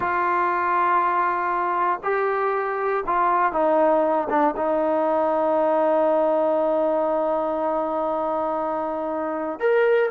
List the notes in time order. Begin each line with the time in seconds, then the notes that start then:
0.00 F4
2.03 G4
3.06 F4
3.52 D#4
4.29 D4
4.56 D#4
9.59 A#4